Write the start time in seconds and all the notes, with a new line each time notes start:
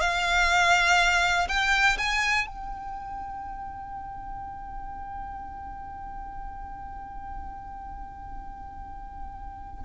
0.00 F5
1.48 G5
1.97 G#5
2.47 G5